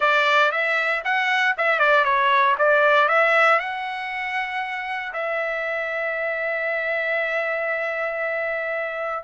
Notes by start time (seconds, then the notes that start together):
0.00 D5
0.51 E5
1.04 F#5
1.57 E5
1.79 D5
2.04 C#5
2.58 D5
3.08 E5
3.59 F#5
5.13 E5